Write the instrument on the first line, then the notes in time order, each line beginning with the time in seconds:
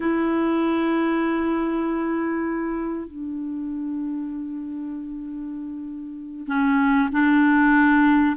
clarinet
0.00 E4
3.07 D4
6.47 C#4
7.12 D4